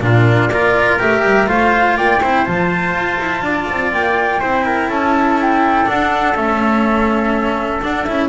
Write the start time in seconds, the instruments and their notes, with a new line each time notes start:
0.00 double bass A#2, cello D4, trumpet F4, flute A#4
0.47 double bass A#3, cello F4, trumpet A#4, flute D5
0.99 double bass A3, cello G4, flute E5
1.22 double bass G3
1.47 double bass A3, cello F4, trumpet C5, flute F5
1.96 double bass A#3, trumpet D5, flute G5
2.21 double bass C4, cello E4, trumpet C5
2.45 double bass F3, cello F4, flute A5
2.93 double bass F4
3.19 double bass E4
3.42 double bass D4, trumpet D5
3.71 double bass C4
3.92 double bass A#3, flute G5
4.40 double bass C4, cello E4, trumpet C5
4.65 trumpet A#4
4.88 double bass C#4, trumpet A4, flute A5
5.41 flute G5
5.85 cello D4, double bass D4, flute F#5
6.35 double bass A3, cello C#4, flute E5
7.82 cello D4, double bass D4, flute F#5
8.03 double bass C#4, cello E4, flute E5